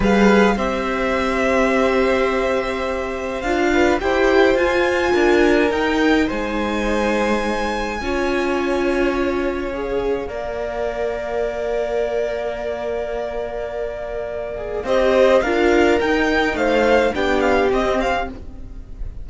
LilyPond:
<<
  \new Staff \with { instrumentName = "violin" } { \time 4/4 \tempo 4 = 105 f''4 e''2.~ | e''2 f''4 g''4 | gis''2 g''4 gis''4~ | gis''1~ |
gis''4 f''2.~ | f''1~ | f''2 dis''4 f''4 | g''4 f''4 g''8 f''8 dis''8 f''8 | }
  \new Staff \with { instrumentName = "violin" } { \time 4/4 b'4 c''2.~ | c''2~ c''8 b'8 c''4~ | c''4 ais'2 c''4~ | c''2 cis''2~ |
cis''2 d''2~ | d''1~ | d''2 c''4 ais'4~ | ais'4 c''4 g'2 | }
  \new Staff \with { instrumentName = "viola" } { \time 4/4 gis'4 g'2.~ | g'2 f'4 g'4 | f'2 dis'2~ | dis'2 f'2~ |
f'4 gis'4 ais'2~ | ais'1~ | ais'4. gis'8 g'4 f'4 | dis'2 d'4 c'4 | }
  \new Staff \with { instrumentName = "cello" } { \time 4/4 g4 c'2.~ | c'2 d'4 e'4 | f'4 d'4 dis'4 gis4~ | gis2 cis'2~ |
cis'2 ais2~ | ais1~ | ais2 c'4 d'4 | dis'4 a4 b4 c'4 | }
>>